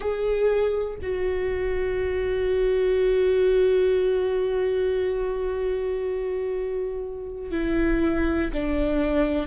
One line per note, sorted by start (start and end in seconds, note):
0.00 0.98 G#4
1.02 7.50 F#4
7.50 8.50 E4
8.53 9.46 D4